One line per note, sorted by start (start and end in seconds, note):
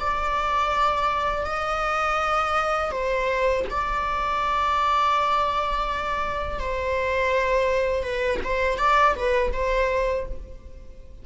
0.00 1.45 D5
1.45 2.92 D#5
2.92 3.65 C5
3.71 6.60 D5
6.60 8.03 C5
8.03 8.40 B4
8.44 8.79 C5
8.79 9.15 D5
9.15 9.52 B4
9.53 10.26 C5